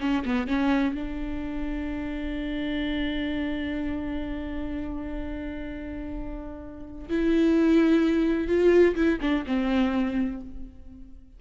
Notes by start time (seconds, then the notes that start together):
0.00 C#4
0.25 B3
0.47 C#4
0.94 D4
7.09 E4
8.48 F4
8.95 E4
9.21 D4
9.46 C4